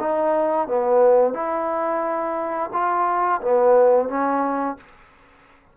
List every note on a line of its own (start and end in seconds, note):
0.00 0.68 D#4
0.68 1.34 B3
1.34 2.70 E4
2.73 3.41 F4
3.42 4.09 B3
4.09 4.77 C#4